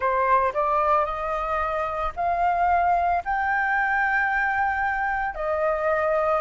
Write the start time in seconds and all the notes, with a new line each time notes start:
0.00 C5
0.53 D5
1.05 D#5
2.16 F5
3.24 G5
5.34 D#5